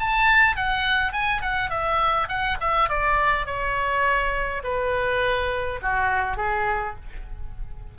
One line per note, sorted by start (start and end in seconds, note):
0.00 0.56 A5
0.56 1.13 F#5
1.13 1.42 G#5
1.42 1.70 F#5
1.70 2.28 E5
2.29 2.58 F#5
2.61 2.89 E5
2.89 3.46 D5
3.46 4.63 C#5
4.64 5.80 B4
5.82 6.37 F#4
6.37 6.95 G#4